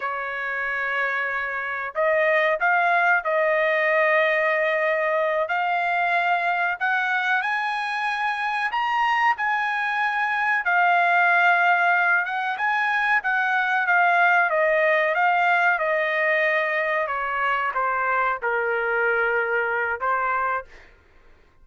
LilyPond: \new Staff \with { instrumentName = "trumpet" } { \time 4/4 \tempo 4 = 93 cis''2. dis''4 | f''4 dis''2.~ | dis''8 f''2 fis''4 gis''8~ | gis''4. ais''4 gis''4.~ |
gis''8 f''2~ f''8 fis''8 gis''8~ | gis''8 fis''4 f''4 dis''4 f''8~ | f''8 dis''2 cis''4 c''8~ | c''8 ais'2~ ais'8 c''4 | }